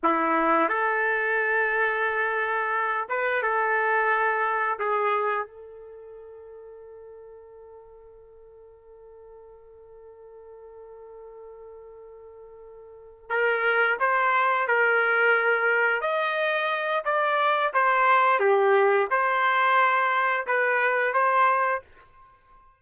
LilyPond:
\new Staff \with { instrumentName = "trumpet" } { \time 4/4 \tempo 4 = 88 e'4 a'2.~ | a'8 b'8 a'2 gis'4 | a'1~ | a'1~ |
a'2.~ a'8 ais'8~ | ais'8 c''4 ais'2 dis''8~ | dis''4 d''4 c''4 g'4 | c''2 b'4 c''4 | }